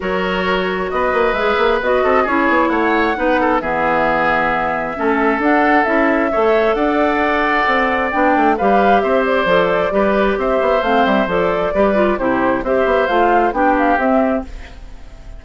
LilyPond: <<
  \new Staff \with { instrumentName = "flute" } { \time 4/4 \tempo 4 = 133 cis''2 dis''4 e''4 | dis''4 cis''4 fis''2 | e''1 | fis''4 e''2 fis''4~ |
fis''2 g''4 f''4 | e''8 d''2~ d''8 e''4 | f''8 e''8 d''2 c''4 | e''4 f''4 g''8 f''8 e''4 | }
  \new Staff \with { instrumentName = "oboe" } { \time 4/4 ais'2 b'2~ | b'8 a'8 gis'4 cis''4 b'8 a'8 | gis'2. a'4~ | a'2 cis''4 d''4~ |
d''2. b'4 | c''2 b'4 c''4~ | c''2 b'4 g'4 | c''2 g'2 | }
  \new Staff \with { instrumentName = "clarinet" } { \time 4/4 fis'2. gis'4 | fis'4 e'2 dis'4 | b2. cis'4 | d'4 e'4 a'2~ |
a'2 d'4 g'4~ | g'4 a'4 g'2 | c'4 a'4 g'8 f'8 e'4 | g'4 f'4 d'4 c'4 | }
  \new Staff \with { instrumentName = "bassoon" } { \time 4/4 fis2 b8 ais8 gis8 ais8 | b8 c'8 cis'8 b8 a4 b4 | e2. a4 | d'4 cis'4 a4 d'4~ |
d'4 c'4 b8 a8 g4 | c'4 f4 g4 c'8 b8 | a8 g8 f4 g4 c4 | c'8 b8 a4 b4 c'4 | }
>>